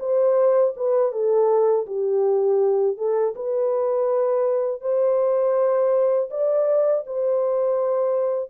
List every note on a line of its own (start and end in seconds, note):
0.00 0.74 C5
0.77 1.12 B4
1.12 1.86 A4
1.87 2.97 G4
2.97 3.34 A4
3.36 4.81 B4
4.81 6.30 C5
6.31 7.05 D5
7.07 8.50 C5